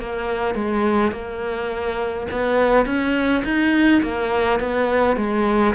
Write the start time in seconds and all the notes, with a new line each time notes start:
0.00 A#3
0.55 G#3
1.12 A#3
2.32 B3
2.86 C#4
3.45 D#4
4.02 A#3
4.60 B3
5.17 G#3